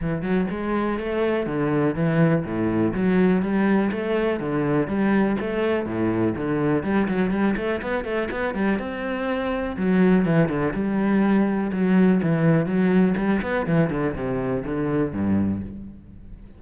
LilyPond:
\new Staff \with { instrumentName = "cello" } { \time 4/4 \tempo 4 = 123 e8 fis8 gis4 a4 d4 | e4 a,4 fis4 g4 | a4 d4 g4 a4 | a,4 d4 g8 fis8 g8 a8 |
b8 a8 b8 g8 c'2 | fis4 e8 d8 g2 | fis4 e4 fis4 g8 b8 | e8 d8 c4 d4 g,4 | }